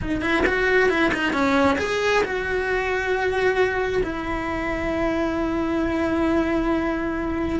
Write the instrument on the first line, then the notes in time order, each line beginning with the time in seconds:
cello
0.01 D#4
0.21 E4
0.46 F#4
0.89 E4
1.14 D#4
1.32 C#4
1.78 G#4
2.23 F#4
4.03 E4